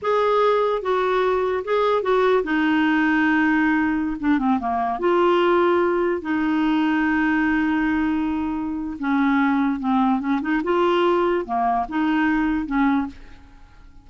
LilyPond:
\new Staff \with { instrumentName = "clarinet" } { \time 4/4 \tempo 4 = 147 gis'2 fis'2 | gis'4 fis'4 dis'2~ | dis'2~ dis'16 d'8 c'8 ais8.~ | ais16 f'2. dis'8.~ |
dis'1~ | dis'2 cis'2 | c'4 cis'8 dis'8 f'2 | ais4 dis'2 cis'4 | }